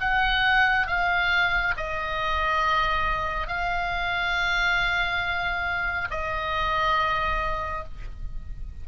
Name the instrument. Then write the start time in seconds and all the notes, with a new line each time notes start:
oboe
0.00 F#5
0.87 F5
1.77 D#5
3.47 F5
6.10 D#5